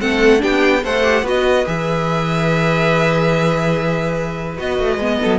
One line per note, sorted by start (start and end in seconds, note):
0.00 0.43 A3
0.00 0.38 C4
0.00 0.42 A4
0.00 0.42 F#5
0.38 0.85 B3
0.38 0.80 D4
0.38 0.84 G4
0.38 0.84 G5
0.84 1.23 A3
0.84 1.03 A4
0.84 1.24 C5
0.84 1.27 F#5
1.03 1.24 G4
1.23 1.64 B3
1.23 1.66 F#4
1.23 5.20 B4
1.23 1.67 D#5
1.66 4.59 E3
1.66 4.57 G#4
1.66 4.59 E5
4.58 4.79 B3
4.58 4.99 F#4
4.58 5.39 D#5
4.79 4.97 A3
4.97 5.18 G#3
4.97 5.39 B3
5.22 5.39 F#3
5.22 5.39 A4